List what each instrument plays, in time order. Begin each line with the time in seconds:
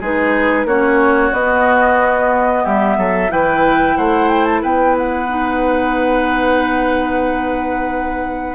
0.00 bassoon G#3, clarinet D#4, oboe G#4, flute B4
0.65 bassoon A#3, clarinet C#4, oboe F#4, flute C#5
1.32 bassoon B3, clarinet B3, flute D#5
2.63 bassoon G3, oboe G4, flute E5
2.97 bassoon F#3, oboe A4
3.29 bassoon E3, clarinet E4, oboe B4, flute G5
3.96 bassoon A3, oboe C5, flute F#5
4.28 flute G5
4.44 flute A5
4.62 bassoon B3, oboe B4, flute G5
4.98 flute F#5
5.28 clarinet D#4